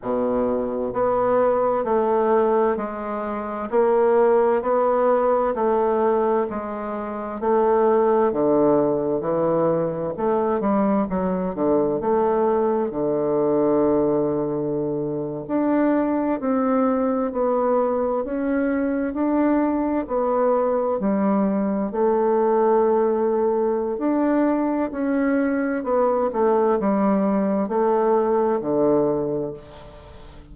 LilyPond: \new Staff \with { instrumentName = "bassoon" } { \time 4/4 \tempo 4 = 65 b,4 b4 a4 gis4 | ais4 b4 a4 gis4 | a4 d4 e4 a8 g8 | fis8 d8 a4 d2~ |
d8. d'4 c'4 b4 cis'16~ | cis'8. d'4 b4 g4 a16~ | a2 d'4 cis'4 | b8 a8 g4 a4 d4 | }